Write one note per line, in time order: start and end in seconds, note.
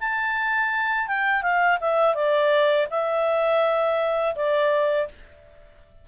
0.00 1.08 A5
1.08 1.42 G5
1.42 1.78 F5
1.80 2.15 E5
2.15 2.87 D5
2.90 4.35 E5
4.36 5.08 D5